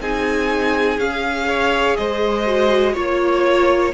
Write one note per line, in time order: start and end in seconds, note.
0.00 0.98 C4
0.00 0.99 D#4
0.00 1.47 G#4
0.00 0.99 G#5
0.98 1.96 C#4
0.98 2.45 G#4
0.98 1.96 F5
1.47 1.96 C#5
1.96 2.96 G#3
1.96 2.93 C5
1.96 2.94 D#5
2.45 2.94 F#4
2.93 3.93 A#3
2.93 3.92 F4
2.93 3.91 C#5
2.93 3.93 C#5